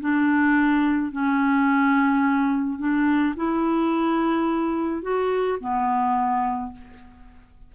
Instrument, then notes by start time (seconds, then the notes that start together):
clarinet
0.00 D4
1.11 C#4
2.78 D4
3.36 E4
5.02 F#4
5.60 B3